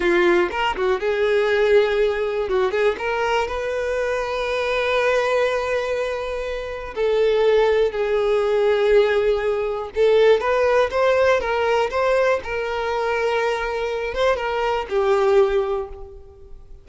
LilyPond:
\new Staff \with { instrumentName = "violin" } { \time 4/4 \tempo 4 = 121 f'4 ais'8 fis'8 gis'2~ | gis'4 fis'8 gis'8 ais'4 b'4~ | b'1~ | b'2 a'2 |
gis'1 | a'4 b'4 c''4 ais'4 | c''4 ais'2.~ | ais'8 c''8 ais'4 g'2 | }